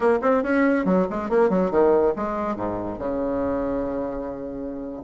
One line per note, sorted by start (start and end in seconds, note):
0.00 0.18 A#3
0.21 0.43 C4
0.43 0.85 C#4
0.85 1.06 F#3
1.10 1.29 G#3
1.29 1.49 A#3
1.49 1.70 F#3
1.70 2.13 D#3
2.16 2.56 G#3
2.56 2.99 G#2
2.99 5.02 C#3